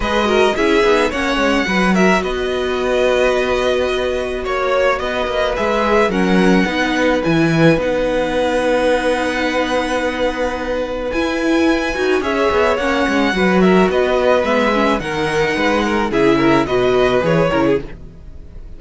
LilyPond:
<<
  \new Staff \with { instrumentName = "violin" } { \time 4/4 \tempo 4 = 108 dis''4 e''4 fis''4. e''8 | dis''1 | cis''4 dis''4 e''4 fis''4~ | fis''4 gis''4 fis''2~ |
fis''1 | gis''2 e''4 fis''4~ | fis''8 e''8 dis''4 e''4 fis''4~ | fis''4 e''4 dis''4 cis''4 | }
  \new Staff \with { instrumentName = "violin" } { \time 4/4 b'8 ais'8 gis'4 cis''4 b'8 ais'8 | b'1 | cis''4 b'2 ais'4 | b'1~ |
b'1~ | b'2 cis''2 | b'8 ais'8 b'2 ais'4 | b'8 ais'8 gis'8 ais'8 b'4. ais'16 gis'16 | }
  \new Staff \with { instrumentName = "viola" } { \time 4/4 gis'8 fis'8 e'8 dis'8 cis'4 fis'4~ | fis'1~ | fis'2 gis'4 cis'4 | dis'4 e'4 dis'2~ |
dis'1 | e'4. fis'8 gis'4 cis'4 | fis'2 b8 cis'8 dis'4~ | dis'4 e'4 fis'4 gis'8 e'8 | }
  \new Staff \with { instrumentName = "cello" } { \time 4/4 gis4 cis'8 b8 ais8 gis8 fis4 | b1 | ais4 b8 ais8 gis4 fis4 | b4 e4 b2~ |
b1 | e'4. dis'8 cis'8 b8 ais8 gis8 | fis4 b4 gis4 dis4 | gis4 cis4 b,4 e8 cis8 | }
>>